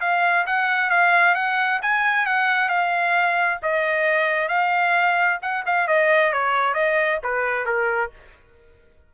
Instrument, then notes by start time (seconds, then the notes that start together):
trumpet
0.00 F5
0.46 F#5
0.89 F5
1.35 F#5
1.81 G#5
2.26 F#5
2.68 F5
3.62 D#5
4.48 F5
5.42 F#5
5.66 F5
5.87 D#5
6.32 C#5
6.74 D#5
7.23 B4
7.65 A#4